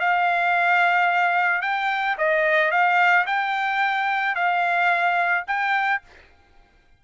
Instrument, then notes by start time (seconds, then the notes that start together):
trumpet
0.00 F5
1.62 G5
2.18 D#5
2.71 F5
3.26 G5
4.35 F5
5.47 G5